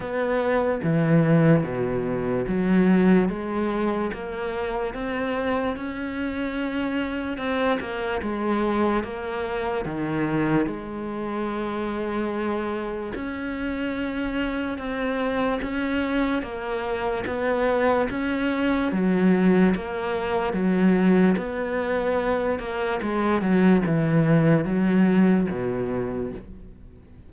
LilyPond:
\new Staff \with { instrumentName = "cello" } { \time 4/4 \tempo 4 = 73 b4 e4 b,4 fis4 | gis4 ais4 c'4 cis'4~ | cis'4 c'8 ais8 gis4 ais4 | dis4 gis2. |
cis'2 c'4 cis'4 | ais4 b4 cis'4 fis4 | ais4 fis4 b4. ais8 | gis8 fis8 e4 fis4 b,4 | }